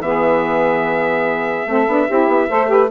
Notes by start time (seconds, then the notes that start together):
0.00 E3 B3 G#4 E5
1.66 A3 C4 A4
1.87 B3 D4
2.06 C4 E4 G4
2.27 B3
2.49 A3 A4 C5
2.66 G4 B4